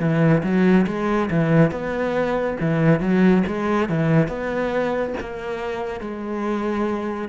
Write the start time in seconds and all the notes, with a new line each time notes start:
0.00 E3
0.44 F#3
0.87 G#3
1.31 E3
1.71 B3
2.61 E3
3.00 F#3
3.47 G#3
3.90 E3
4.28 B3
5.21 A#3
6.01 G#3